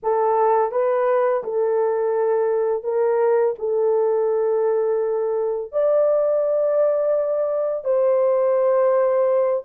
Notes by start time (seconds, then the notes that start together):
0.02 A4
0.71 B4
1.43 A4
2.83 A#4
3.58 A4
5.71 D5
7.84 C5